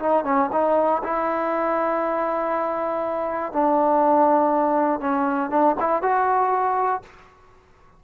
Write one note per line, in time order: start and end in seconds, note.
0.00 0.25 D#4
0.25 0.50 C#4
0.53 1.02 D#4
1.04 3.53 E4
3.53 5.00 D4
5.00 5.50 C#4
5.51 5.76 D4
5.80 6.03 E4
6.03 7.03 F#4